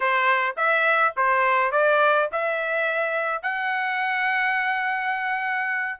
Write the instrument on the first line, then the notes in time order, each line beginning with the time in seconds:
trumpet
0.00 C5
0.56 E5
1.16 C5
1.71 D5
2.32 E5
3.42 F#5